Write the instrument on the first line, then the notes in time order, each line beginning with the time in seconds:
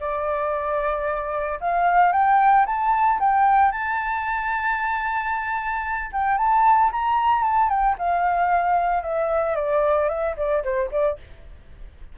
flute
0.00 D5
1.60 F5
2.13 G5
2.66 A5
3.20 G5
3.72 A5
6.13 G5
6.38 A5
6.92 A#5
7.43 A5
7.69 G5
7.99 F5
9.03 E5
9.56 D5
10.09 E5
10.37 D5
10.63 C5
10.91 D5